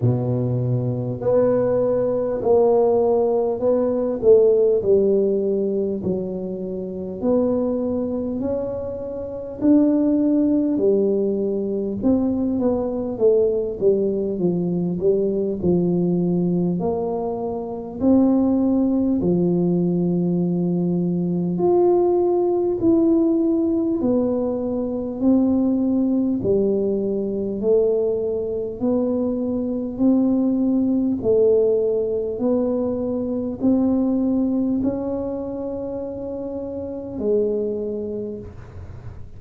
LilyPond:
\new Staff \with { instrumentName = "tuba" } { \time 4/4 \tempo 4 = 50 b,4 b4 ais4 b8 a8 | g4 fis4 b4 cis'4 | d'4 g4 c'8 b8 a8 g8 | f8 g8 f4 ais4 c'4 |
f2 f'4 e'4 | b4 c'4 g4 a4 | b4 c'4 a4 b4 | c'4 cis'2 gis4 | }